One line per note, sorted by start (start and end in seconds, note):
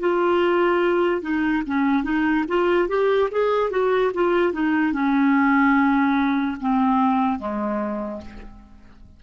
0.00 1.22 F4
1.22 1.63 D#4
1.67 2.04 C#4
2.04 2.45 D#4
2.48 2.88 F4
2.88 3.30 G4
3.31 3.71 G#4
3.71 4.12 F#4
4.14 4.53 F4
4.53 4.93 D#4
4.93 6.57 C#4
6.61 7.39 C4
7.39 8.22 G#3